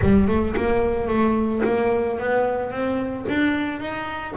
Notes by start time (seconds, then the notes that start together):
0.01 G3
0.27 A3
0.56 A#3
1.07 A3
1.64 A#3
2.19 B3
2.71 C4
3.29 D4
3.79 D#4